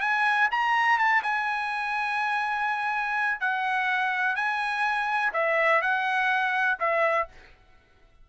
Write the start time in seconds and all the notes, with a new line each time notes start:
0.00 G#5
0.51 A#5
0.98 A5
1.23 G#5
3.40 F#5
4.35 G#5
5.33 E5
5.81 F#5
6.79 E5